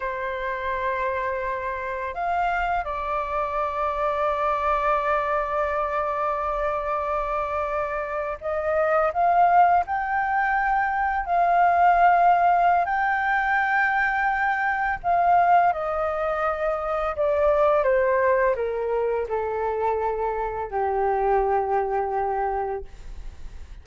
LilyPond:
\new Staff \with { instrumentName = "flute" } { \time 4/4 \tempo 4 = 84 c''2. f''4 | d''1~ | d''2.~ d''8. dis''16~ | dis''8. f''4 g''2 f''16~ |
f''2 g''2~ | g''4 f''4 dis''2 | d''4 c''4 ais'4 a'4~ | a'4 g'2. | }